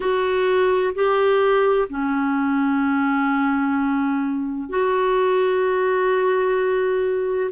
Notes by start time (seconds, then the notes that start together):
0.00 F#4
0.94 G4
1.89 C#4
4.69 F#4